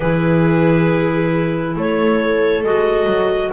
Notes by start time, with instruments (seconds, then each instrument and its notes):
0.00 double bass E3, clarinet E4 B4, viola G#4
1.75 double bass A3, viola A4, clarinet C#5
2.63 double bass G#3, clarinet F#4 D#5
3.06 double bass F#3